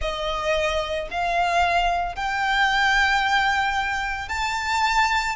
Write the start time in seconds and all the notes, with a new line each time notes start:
0.00 D#5
1.10 F5
2.15 G5
4.29 A5